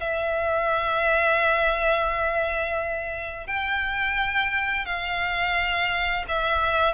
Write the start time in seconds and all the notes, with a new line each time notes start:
0.00 E5
3.47 G5
4.86 F5
6.29 E5